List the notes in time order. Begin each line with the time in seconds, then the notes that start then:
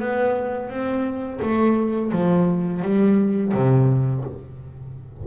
0.00 B3
0.69 C4
1.42 A3
2.12 F3
2.82 G3
3.54 C3